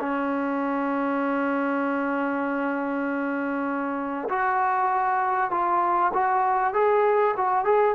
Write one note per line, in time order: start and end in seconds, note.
0.00 4.29 C#4
4.29 5.51 F#4
5.51 6.12 F4
6.14 6.73 F#4
6.73 7.35 G#4
7.37 7.65 F#4
7.65 7.95 G#4